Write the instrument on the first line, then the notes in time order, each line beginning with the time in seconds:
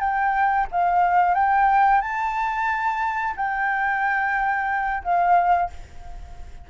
flute
0.00 G5
0.72 F5
1.35 G5
2.01 A5
3.36 G5
5.04 F5